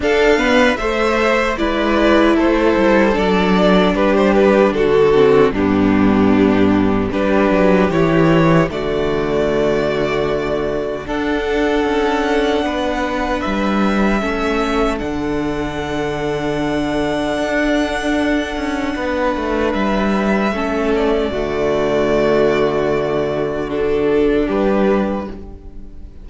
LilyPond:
<<
  \new Staff \with { instrumentName = "violin" } { \time 4/4 \tempo 4 = 76 f''4 e''4 d''4 c''4 | d''4 b'16 c''16 b'8 a'4 g'4~ | g'4 b'4 cis''4 d''4~ | d''2 fis''2~ |
fis''4 e''2 fis''4~ | fis''1~ | fis''4 e''4. d''4.~ | d''2 a'4 b'4 | }
  \new Staff \with { instrumentName = "violin" } { \time 4/4 a'8 b'8 c''4 b'4 a'4~ | a'4 g'4 fis'4 d'4~ | d'4 g'2 fis'4~ | fis'2 a'2 |
b'2 a'2~ | a'1 | b'2 a'4 fis'4~ | fis'2. g'4 | }
  \new Staff \with { instrumentName = "viola" } { \time 4/4 d'8 b8 a4 e'2 | d'2~ d'8 c'8 b4~ | b4 d'4 e'4 a4~ | a2 d'2~ |
d'2 cis'4 d'4~ | d'1~ | d'2 cis'4 a4~ | a2 d'2 | }
  \new Staff \with { instrumentName = "cello" } { \time 4/4 d'4 a4 gis4 a8 g8 | fis4 g4 d4 g,4~ | g,4 g8 fis8 e4 d4~ | d2 d'4 cis'4 |
b4 g4 a4 d4~ | d2 d'4. cis'8 | b8 a8 g4 a4 d4~ | d2. g4 | }
>>